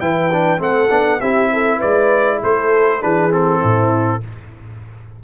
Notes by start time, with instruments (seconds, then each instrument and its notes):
0.00 tuba E3, trombone E4, horn B4, trumpet G5
0.32 trombone D4
0.58 tuba A3, trombone C4, horn A4, trumpet F#5
0.90 tuba B3, trombone D4
1.21 tuba C4, trombone E4, horn G4, trumpet E5
1.53 horn A4
1.78 tuba G#3, horn B4, trumpet D5
2.43 tuba A3, horn A4, trumpet C5
3.01 tuba E3, trombone D4, horn G#4, trumpet B4
3.31 trombone C4, trumpet A4
3.60 tuba A2, horn E4